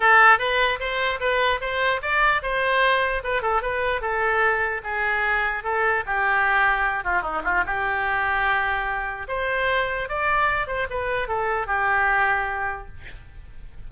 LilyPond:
\new Staff \with { instrumentName = "oboe" } { \time 4/4 \tempo 4 = 149 a'4 b'4 c''4 b'4 | c''4 d''4 c''2 | b'8 a'8 b'4 a'2 | gis'2 a'4 g'4~ |
g'4. f'8 dis'8 f'8 g'4~ | g'2. c''4~ | c''4 d''4. c''8 b'4 | a'4 g'2. | }